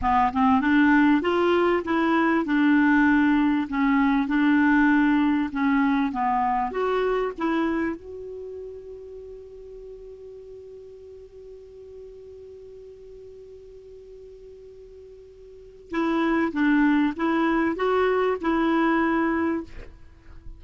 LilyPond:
\new Staff \with { instrumentName = "clarinet" } { \time 4/4 \tempo 4 = 98 b8 c'8 d'4 f'4 e'4 | d'2 cis'4 d'4~ | d'4 cis'4 b4 fis'4 | e'4 fis'2.~ |
fis'1~ | fis'1~ | fis'2 e'4 d'4 | e'4 fis'4 e'2 | }